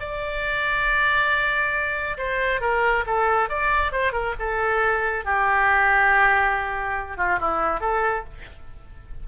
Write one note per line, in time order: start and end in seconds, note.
0.00 2.17 D5
2.17 2.61 C5
2.61 3.04 A#4
3.07 3.49 A4
3.49 3.92 D5
3.92 4.12 C5
4.12 4.34 A#4
4.39 5.25 A4
5.25 7.17 G4
7.17 7.39 F4
7.40 7.80 E4
7.80 8.24 A4